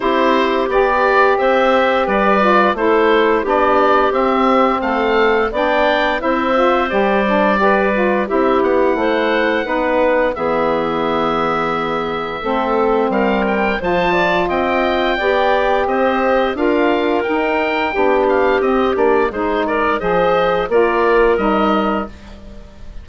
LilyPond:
<<
  \new Staff \with { instrumentName = "oboe" } { \time 4/4 \tempo 4 = 87 c''4 d''4 e''4 d''4 | c''4 d''4 e''4 f''4 | g''4 e''4 d''2 | e''8 fis''2~ fis''8 e''4~ |
e''2. f''8 g''8 | a''4 g''2 dis''4 | f''4 g''4. f''8 dis''8 d''8 | c''8 d''8 dis''4 d''4 dis''4 | }
  \new Staff \with { instrumentName = "clarinet" } { \time 4/4 g'2 c''4 b'4 | a'4 g'2 a'4 | d''4 c''2 b'4 | g'4 c''4 b'4 gis'4~ |
gis'2 a'4 ais'4 | c''8 d''8 dis''4 d''4 c''4 | ais'2 g'2 | gis'8 ais'8 c''4 ais'2 | }
  \new Staff \with { instrumentName = "saxophone" } { \time 4/4 e'4 g'2~ g'8 f'8 | e'4 d'4 c'2 | d'4 e'8 f'8 g'8 d'8 g'8 f'8 | e'2 dis'4 b4~ |
b2 c'2 | f'2 g'2 | f'4 dis'4 d'4 c'8 d'8 | dis'4 gis'4 f'4 dis'4 | }
  \new Staff \with { instrumentName = "bassoon" } { \time 4/4 c'4 b4 c'4 g4 | a4 b4 c'4 a4 | b4 c'4 g2 | c'8 b8 a4 b4 e4~ |
e2 a4 g4 | f4 c'4 b4 c'4 | d'4 dis'4 b4 c'8 ais8 | gis4 f4 ais4 g4 | }
>>